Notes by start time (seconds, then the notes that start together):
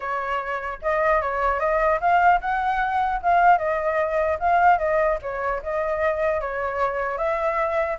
0.00 C#5
0.82 D#5
1.21 C#5
1.59 D#5
2.00 F5
2.41 F#5
3.22 F5
3.58 D#5
4.39 F5
4.78 D#5
5.21 C#5
5.63 D#5
6.41 C#5
7.17 E5